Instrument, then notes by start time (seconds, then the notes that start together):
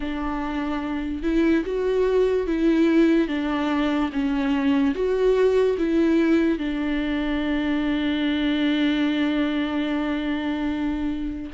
viola
0.00 D4
1.23 E4
1.65 F#4
2.47 E4
3.28 D4
4.12 C#4
4.94 F#4
5.78 E4
6.58 D4